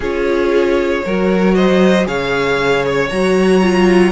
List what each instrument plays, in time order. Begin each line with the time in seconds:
0.00 cello C#4, viola F4, violin G#4 C#5
1.05 cello F#3, viola F#4, violin A#4
1.54 violin C5 D#5
2.05 cello C#3, viola G#4, violin C#5 F5
2.86 violin C#5
3.09 cello F#3, viola F#4, violin A#5
3.62 viola F4